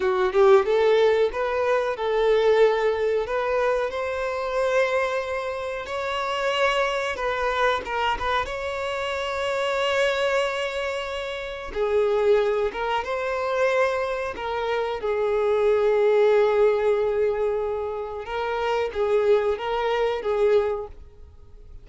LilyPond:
\new Staff \with { instrumentName = "violin" } { \time 4/4 \tempo 4 = 92 fis'8 g'8 a'4 b'4 a'4~ | a'4 b'4 c''2~ | c''4 cis''2 b'4 | ais'8 b'8 cis''2.~ |
cis''2 gis'4. ais'8 | c''2 ais'4 gis'4~ | gis'1 | ais'4 gis'4 ais'4 gis'4 | }